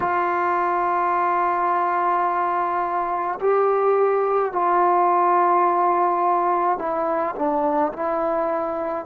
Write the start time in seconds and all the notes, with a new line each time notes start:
0.00 F4
3.40 G4
4.52 F4
6.78 E4
7.35 D4
7.92 E4